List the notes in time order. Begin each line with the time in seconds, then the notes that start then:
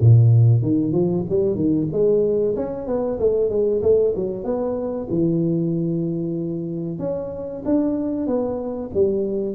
0.00 A#2
0.62 D#3
0.92 F3
1.29 G3
1.55 D#3
1.91 G#3
2.56 C#4
2.86 B3
3.19 A3
3.49 G#3
3.82 A3
4.15 F#3
4.44 B3
5.10 E3
6.99 C#4
7.65 D4
8.26 B3
8.94 G3